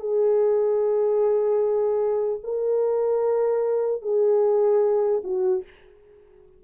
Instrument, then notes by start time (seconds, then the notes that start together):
horn
0.00 G#4
2.43 A#4
4.02 G#4
5.24 F#4